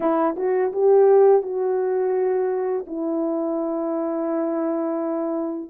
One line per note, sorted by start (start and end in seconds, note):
0.00 0.35 E4
0.36 0.71 F#4
0.72 1.42 G4
1.42 2.85 F#4
2.86 5.70 E4